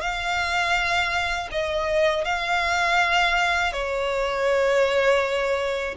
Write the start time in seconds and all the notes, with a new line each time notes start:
0.00 F5
1.51 D#5
2.24 F5
3.72 C#5